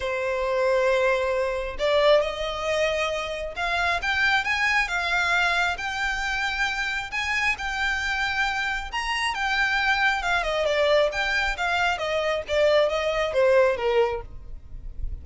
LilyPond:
\new Staff \with { instrumentName = "violin" } { \time 4/4 \tempo 4 = 135 c''1 | d''4 dis''2. | f''4 g''4 gis''4 f''4~ | f''4 g''2. |
gis''4 g''2. | ais''4 g''2 f''8 dis''8 | d''4 g''4 f''4 dis''4 | d''4 dis''4 c''4 ais'4 | }